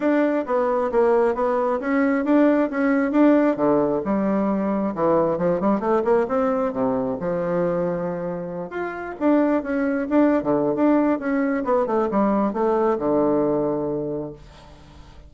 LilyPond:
\new Staff \with { instrumentName = "bassoon" } { \time 4/4 \tempo 4 = 134 d'4 b4 ais4 b4 | cis'4 d'4 cis'4 d'4 | d4 g2 e4 | f8 g8 a8 ais8 c'4 c4 |
f2.~ f8 f'8~ | f'8 d'4 cis'4 d'8. d8. | d'4 cis'4 b8 a8 g4 | a4 d2. | }